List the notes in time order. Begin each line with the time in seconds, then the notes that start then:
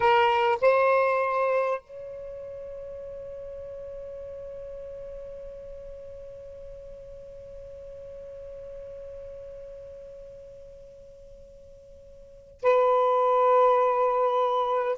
0.00 A#4
0.61 C5
1.80 C#5
12.62 B4